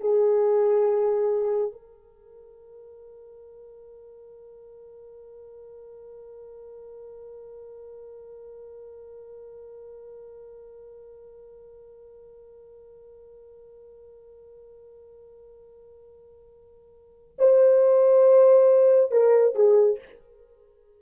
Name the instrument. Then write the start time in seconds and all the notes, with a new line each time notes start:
horn
0.00 G#4
1.72 A#4
17.39 C5
19.11 A#4
19.55 G#4